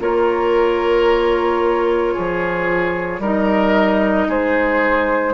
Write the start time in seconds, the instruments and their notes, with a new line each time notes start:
0.00 bassoon A#3, clarinet F4, oboe A#4, flute C#5
2.14 bassoon F3, oboe G#4
3.19 bassoon G3, clarinet D#4, oboe A#4, flute D#5
4.28 bassoon G#3, oboe G#4, flute C5